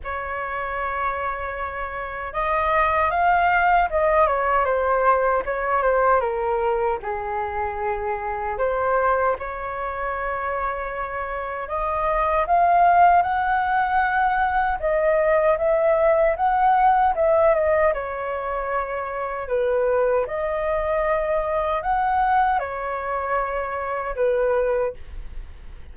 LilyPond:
\new Staff \with { instrumentName = "flute" } { \time 4/4 \tempo 4 = 77 cis''2. dis''4 | f''4 dis''8 cis''8 c''4 cis''8 c''8 | ais'4 gis'2 c''4 | cis''2. dis''4 |
f''4 fis''2 dis''4 | e''4 fis''4 e''8 dis''8 cis''4~ | cis''4 b'4 dis''2 | fis''4 cis''2 b'4 | }